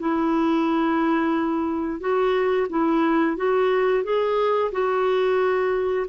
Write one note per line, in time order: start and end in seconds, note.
0.00 2.00 E4
2.00 2.68 F#4
2.70 3.37 E4
3.37 4.04 F#4
4.04 4.72 G#4
4.72 6.07 F#4